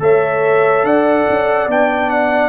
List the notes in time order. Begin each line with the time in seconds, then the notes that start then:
0.00 A3 A4 C#5 E5
0.84 D4 D5 F#5
1.30 C#4
1.67 B3 D4 G5
2.10 F#5